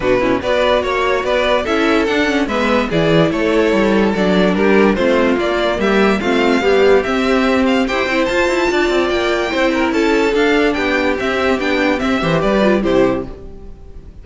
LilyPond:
<<
  \new Staff \with { instrumentName = "violin" } { \time 4/4 \tempo 4 = 145 b'4 d''4 cis''4 d''4 | e''4 fis''4 e''4 d''4 | cis''2 d''4 ais'4 | c''4 d''4 e''4 f''4~ |
f''4 e''4. f''8 g''4 | a''2 g''2 | a''4 f''4 g''4 e''4 | g''4 e''4 d''4 c''4 | }
  \new Staff \with { instrumentName = "violin" } { \time 4/4 fis'8 e'8 b'4 cis''4 b'4 | a'2 b'4 gis'4 | a'2. g'4 | f'2 g'4 f'4 |
g'2. c''4~ | c''4 d''2 c''8 ais'8 | a'2 g'2~ | g'4. c''8 b'4 g'4 | }
  \new Staff \with { instrumentName = "viola" } { \time 4/4 d'8 cis'8 fis'2. | e'4 d'8 cis'8 b4 e'4~ | e'2 d'2 | c'4 ais2 c'4 |
g4 c'2 g'8 e'8 | f'2. e'4~ | e'4 d'2 c'4 | d'4 c'8 g'4 f'8 e'4 | }
  \new Staff \with { instrumentName = "cello" } { \time 4/4 b,4 b4 ais4 b4 | cis'4 d'4 gis4 e4 | a4 g4 fis4 g4 | a4 ais4 g4 a4 |
b4 c'2 e'8 c'8 | f'8 e'8 d'8 c'8 ais4 c'4 | cis'4 d'4 b4 c'4 | b4 c'8 e8 g4 c4 | }
>>